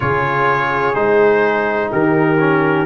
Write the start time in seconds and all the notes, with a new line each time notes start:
0.00 C#3 F4 G#4 C#5
0.94 G#3 D#4 C5
1.90 D#3 G4 A#4
2.39 C#4